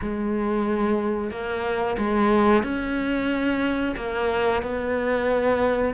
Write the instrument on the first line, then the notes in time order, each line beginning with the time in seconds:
cello
0.01 G#3
1.30 A#3
1.98 G#3
2.63 C#4
3.96 A#3
4.62 B3